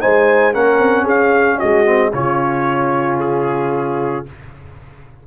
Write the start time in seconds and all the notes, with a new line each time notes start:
0.00 G#3 D#4 C5 G#5
0.52 A#3 C#4 A#4 F#5
0.79 C4
1.04 C#4 G#4 F5
1.59 G#3 F#4 D#5
1.85 C4
2.13 C#3 C#4 F4 C#5
3.19 G#4